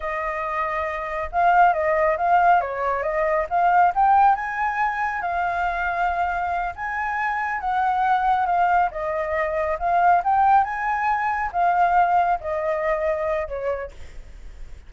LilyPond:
\new Staff \with { instrumentName = "flute" } { \time 4/4 \tempo 4 = 138 dis''2. f''4 | dis''4 f''4 cis''4 dis''4 | f''4 g''4 gis''2 | f''2.~ f''8 gis''8~ |
gis''4. fis''2 f''8~ | f''8 dis''2 f''4 g''8~ | g''8 gis''2 f''4.~ | f''8 dis''2~ dis''8 cis''4 | }